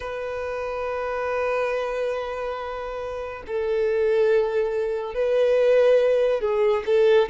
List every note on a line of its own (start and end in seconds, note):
0.00 3.43 B4
3.46 5.14 A4
5.14 6.41 B4
6.41 6.83 G#4
6.86 7.29 A4